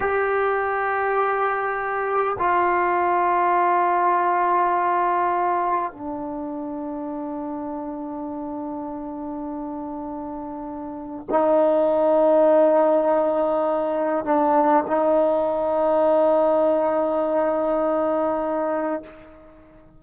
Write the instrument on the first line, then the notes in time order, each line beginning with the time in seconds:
trombone
0.00 G4
2.38 F4
5.91 D4
11.29 D#4
14.24 D4
14.87 D#4